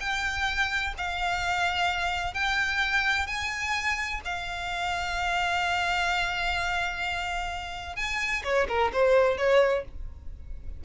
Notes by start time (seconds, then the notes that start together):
0.00 G5
0.97 F5
2.34 G5
3.27 G#5
4.25 F5
7.96 G#5
8.44 C#5
8.68 A#4
8.93 C5
9.37 C#5